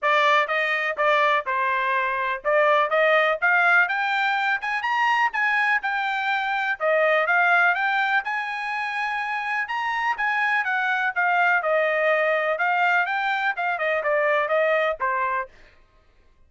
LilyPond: \new Staff \with { instrumentName = "trumpet" } { \time 4/4 \tempo 4 = 124 d''4 dis''4 d''4 c''4~ | c''4 d''4 dis''4 f''4 | g''4. gis''8 ais''4 gis''4 | g''2 dis''4 f''4 |
g''4 gis''2. | ais''4 gis''4 fis''4 f''4 | dis''2 f''4 g''4 | f''8 dis''8 d''4 dis''4 c''4 | }